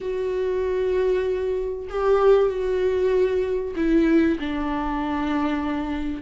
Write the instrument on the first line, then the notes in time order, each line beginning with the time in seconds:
viola
0.00 F#4
1.89 G4
2.49 F#4
3.76 E4
4.39 D4